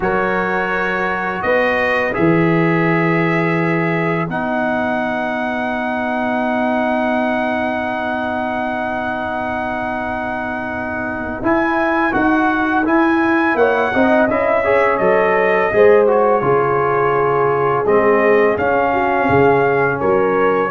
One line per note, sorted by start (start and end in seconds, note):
0.00 1.43 F#3
0.00 2.13 F#4
0.00 1.44 A#4
0.00 1.42 C#5
1.42 2.14 B3
1.42 13.58 B4
1.42 2.13 D#5
2.13 4.28 E3
2.13 4.27 G#4
2.13 4.28 E5
4.28 11.41 B3
4.28 11.43 D#4
4.28 11.44 F#5
11.41 12.13 E4
11.41 12.11 E4
11.41 12.13 G#5
12.11 12.85 D#4
12.11 12.83 F#4
12.11 12.85 F#5
12.85 13.92 E4
12.85 13.54 E4
12.85 13.56 G#5
13.54 13.90 A#3
13.54 13.93 C#5
13.54 14.28 F#5
13.93 14.27 C4
13.93 14.28 D#4
13.93 14.64 D#5
14.27 14.99 C#4
14.27 14.64 E4
14.27 14.97 E5
14.64 15.00 G#4
14.64 15.71 C#5
14.97 15.70 F#3
14.97 15.71 A4
14.97 16.04 D#5
15.72 16.42 G#3
15.72 16.07 G#4
15.72 16.43 C5
16.07 16.41 F#4
16.07 17.86 C#5
16.41 17.85 C#3
16.41 17.84 F4
16.41 18.93 G#4
17.85 18.57 G#3
17.85 18.58 C4
17.85 18.57 D#5
18.57 19.29 C#4
18.57 20.71 C#4
18.57 20.00 F5
18.93 19.28 F#4
19.29 20.01 C#3
19.29 20.00 G#4
20.00 20.71 F#3
20.00 20.71 A#4
20.00 20.71 C#5